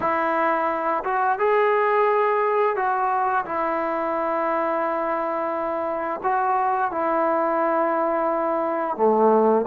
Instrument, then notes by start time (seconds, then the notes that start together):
trombone
0.00 E4
1.04 F#4
1.38 G#4
2.76 F#4
3.45 E4
6.23 F#4
6.91 E4
8.96 A3